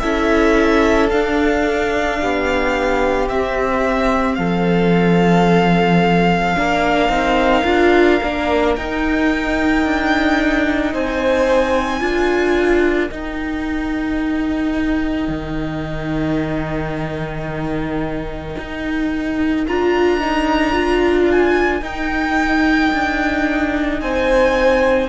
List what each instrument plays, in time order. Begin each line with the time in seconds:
0.00 cello C#4, viola E4, violin A4 E5
1.10 viola D4, cello D4, violin F5
2.21 cello B3, violin G4
3.29 viola C4, cello C4, violin E5
4.35 cello F3, violin A4 F5
6.56 cello A#3, viola D4, violin A#4
7.09 cello C4, viola D#4
7.65 cello D4, viola F4
8.23 cello A#3, viola D4
8.76 cello D#4, viola D#4, violin G5
9.85 cello D4
10.94 cello C4, violin C5 G#5
12.01 cello D4, viola F4, violin A#4
13.11 viola D#4, cello D#4, violin G5
15.28 cello D#3
18.58 cello D#4
19.67 cello D4, viola F4, violin A#5
20.20 viola D#4
20.73 viola F4
21.32 violin G#5
21.82 cello D#4, viola D#4, violin G5
22.94 cello D4
24.01 cello C4, violin C5 G#5